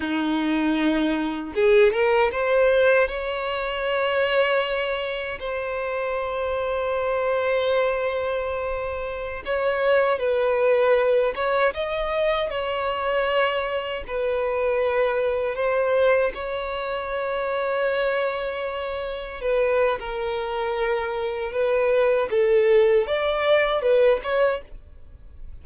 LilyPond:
\new Staff \with { instrumentName = "violin" } { \time 4/4 \tempo 4 = 78 dis'2 gis'8 ais'8 c''4 | cis''2. c''4~ | c''1~ | c''16 cis''4 b'4. cis''8 dis''8.~ |
dis''16 cis''2 b'4.~ b'16~ | b'16 c''4 cis''2~ cis''8.~ | cis''4~ cis''16 b'8. ais'2 | b'4 a'4 d''4 b'8 cis''8 | }